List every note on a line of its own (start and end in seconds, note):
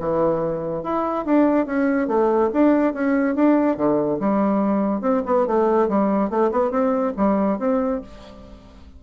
0.00 0.83 E3
0.83 1.25 E4
1.25 1.66 D4
1.66 2.08 C#4
2.08 2.50 A3
2.54 2.94 D4
2.94 3.36 C#4
3.36 3.77 D4
3.77 4.19 D3
4.20 5.01 G3
5.01 5.23 C4
5.26 5.47 B3
5.47 5.89 A3
5.89 6.30 G3
6.30 6.51 A3
6.52 6.71 B3
6.71 7.13 C4
7.17 7.59 G3
7.59 8.01 C4